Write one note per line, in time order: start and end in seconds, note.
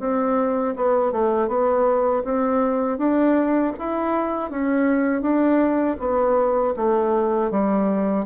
0.00 0.75 C4
0.76 1.12 B3
1.12 1.48 A3
1.48 2.23 B3
2.25 2.98 C4
2.98 3.73 D4
3.79 4.51 E4
4.51 5.22 C#4
5.22 5.97 D4
5.99 6.74 B3
6.77 7.51 A3
7.51 8.26 G3